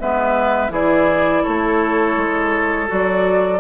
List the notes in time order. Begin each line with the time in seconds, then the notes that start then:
0.00 G#3 B3 B4 E5
0.69 E3 E4 G#4 D5
1.43 A3 A4 C#5
2.16 G#3
2.87 F#3 F#4 D5